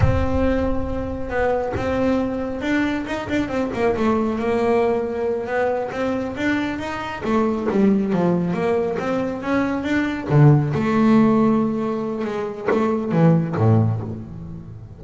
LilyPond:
\new Staff \with { instrumentName = "double bass" } { \time 4/4 \tempo 4 = 137 c'2. b4 | c'2 d'4 dis'8 d'8 | c'8 ais8 a4 ais2~ | ais8 b4 c'4 d'4 dis'8~ |
dis'8 a4 g4 f4 ais8~ | ais8 c'4 cis'4 d'4 d8~ | d8 a2.~ a8 | gis4 a4 e4 a,4 | }